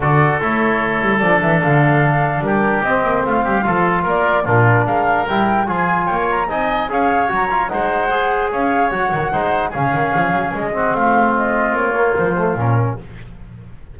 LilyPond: <<
  \new Staff \with { instrumentName = "flute" } { \time 4/4 \tempo 4 = 148 d''4 cis''2 d''8 e''8 | f''2 ais'4 dis''4 | f''2 d''4 ais'4 | f''4 g''4 gis''4 g''16 gis''16 ais''8 |
gis''4 f''4 ais''4 fis''4~ | fis''4 f''4 fis''2 | f''2 dis''4 f''4 | dis''4 cis''4 c''4 ais'4 | }
  \new Staff \with { instrumentName = "oboe" } { \time 4/4 a'1~ | a'2 g'2 | f'8 g'8 a'4 ais'4 f'4 | ais'2 gis'4 cis''4 |
dis''4 cis''2 c''4~ | c''4 cis''2 c''4 | gis'2~ gis'8 fis'8 f'4~ | f'1 | }
  \new Staff \with { instrumentName = "trombone" } { \time 4/4 fis'4 e'2 d'4~ | d'2. c'4~ | c'4 f'2 d'4~ | d'4 e'4 f'2 |
dis'4 gis'4 fis'8 f'8 dis'4 | gis'2 fis'4 dis'4 | cis'2~ cis'8 c'4.~ | c'4. ais4 a8 cis'4 | }
  \new Staff \with { instrumentName = "double bass" } { \time 4/4 d4 a4. g8 f8 e8 | d2 g4 c'8 ais8 | a8 g8 f4 ais4 ais,4 | gis4 g4 f4 ais4 |
c'4 cis'4 fis4 gis4~ | gis4 cis'4 fis8 dis8 gis4 | cis8 dis8 f8 fis8 gis4 a4~ | a4 ais4 f4 ais,4 | }
>>